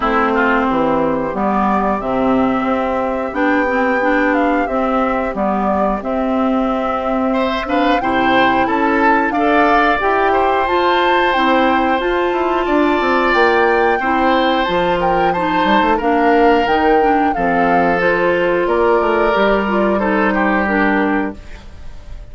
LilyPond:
<<
  \new Staff \with { instrumentName = "flute" } { \time 4/4 \tempo 4 = 90 c''2 d''4 e''4~ | e''4 g''4. f''8 e''4 | d''4 e''2~ e''8 f''8 | g''4 a''4 f''4 g''4 |
a''4 g''4 a''2 | g''2 a''8 g''8 a''4 | f''4 g''4 f''4 c''4 | d''2 c''4 ais'4 | }
  \new Staff \with { instrumentName = "oboe" } { \time 4/4 e'8 f'8 g'2.~ | g'1~ | g'2. c''8 b'8 | c''4 a'4 d''4. c''8~ |
c''2. d''4~ | d''4 c''4. ais'8 c''4 | ais'2 a'2 | ais'2 a'8 g'4. | }
  \new Staff \with { instrumentName = "clarinet" } { \time 4/4 c'2 b4 c'4~ | c'4 d'8 c'8 d'4 c'4 | b4 c'2~ c'8 d'8 | e'2 a'4 g'4 |
f'4 e'4 f'2~ | f'4 e'4 f'4 dis'4 | d'4 dis'8 d'8 c'4 f'4~ | f'4 g'8 f'8 dis'4 d'4 | }
  \new Staff \with { instrumentName = "bassoon" } { \time 4/4 a4 e4 g4 c4 | c'4 b2 c'4 | g4 c'2. | c4 cis'4 d'4 e'4 |
f'4 c'4 f'8 e'8 d'8 c'8 | ais4 c'4 f4. g16 a16 | ais4 dis4 f2 | ais8 a8 g2. | }
>>